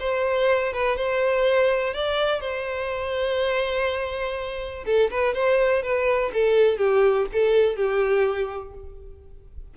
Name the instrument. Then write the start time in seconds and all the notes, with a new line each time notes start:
violin
0.00 C5
0.73 B4
0.97 C5
1.94 D5
2.41 C5
4.86 A4
5.11 B4
5.34 C5
5.83 B4
6.34 A4
6.78 G4
7.33 A4
7.76 G4